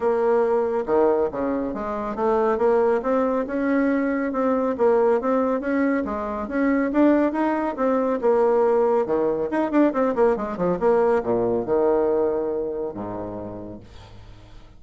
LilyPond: \new Staff \with { instrumentName = "bassoon" } { \time 4/4 \tempo 4 = 139 ais2 dis4 cis4 | gis4 a4 ais4 c'4 | cis'2 c'4 ais4 | c'4 cis'4 gis4 cis'4 |
d'4 dis'4 c'4 ais4~ | ais4 dis4 dis'8 d'8 c'8 ais8 | gis8 f8 ais4 ais,4 dis4~ | dis2 gis,2 | }